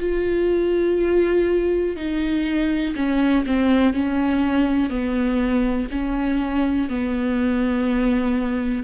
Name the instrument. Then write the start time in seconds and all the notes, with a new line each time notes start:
viola
0.00 F4
1.97 D#4
2.96 C#4
3.46 C4
3.93 C#4
4.90 B3
5.92 C#4
6.89 B3